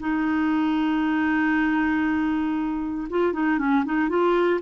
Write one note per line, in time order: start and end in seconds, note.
0.00 3.08 D#4
3.10 3.33 F4
3.33 3.59 D#4
3.59 3.84 C#4
3.85 4.09 D#4
4.09 4.60 F4